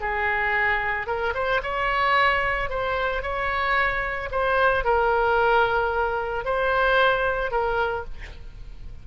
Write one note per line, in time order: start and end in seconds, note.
0.00 1.06 G#4
1.06 1.33 A#4
1.34 1.61 C5
1.62 2.69 C#5
2.69 3.22 C5
3.22 4.29 C#5
4.31 4.84 C5
4.84 6.45 A#4
6.45 7.51 C5
7.51 8.04 A#4